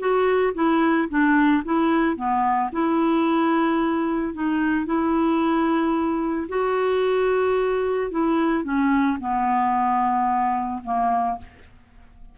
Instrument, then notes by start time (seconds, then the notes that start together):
clarinet
0.00 F#4
0.55 E4
1.10 D4
1.65 E4
2.17 B3
2.73 E4
4.34 D#4
4.86 E4
6.49 F#4
8.11 E4
8.64 C#4
9.20 B3
10.84 A#3